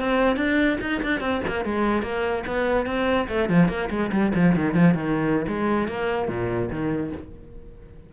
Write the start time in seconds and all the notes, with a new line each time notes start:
0.00 C4
0.37 D4
0.81 D#4
1.03 D4
1.21 C4
1.48 A#3
1.65 G#3
2.03 A#3
2.47 B3
2.87 C4
3.29 A3
3.50 F3
3.69 A#3
3.90 G#3
4.12 G3
4.35 F3
4.56 D#3
4.75 F3
4.95 D#3
5.48 G#3
5.89 A#3
6.29 A#2
6.71 D#3